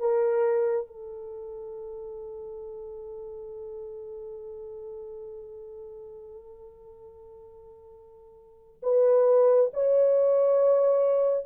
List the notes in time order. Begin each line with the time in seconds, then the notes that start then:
0.00 A#4
0.87 A4
8.83 B4
9.73 C#5